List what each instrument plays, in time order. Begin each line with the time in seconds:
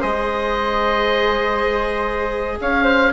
0.00 bassoon G#3, viola G#4, flute C5, oboe D#5
2.60 bassoon C#4, flute C#5, oboe F5
2.83 flute C5